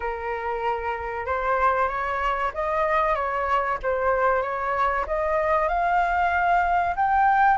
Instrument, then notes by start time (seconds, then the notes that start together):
flute
0.00 A#4
1.26 C5
1.88 C#5
2.53 D#5
3.15 C#5
3.82 C5
4.42 C#5
5.07 D#5
5.68 F5
6.96 G5